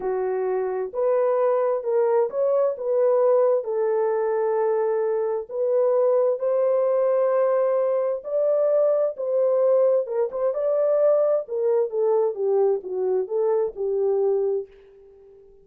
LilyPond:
\new Staff \with { instrumentName = "horn" } { \time 4/4 \tempo 4 = 131 fis'2 b'2 | ais'4 cis''4 b'2 | a'1 | b'2 c''2~ |
c''2 d''2 | c''2 ais'8 c''8 d''4~ | d''4 ais'4 a'4 g'4 | fis'4 a'4 g'2 | }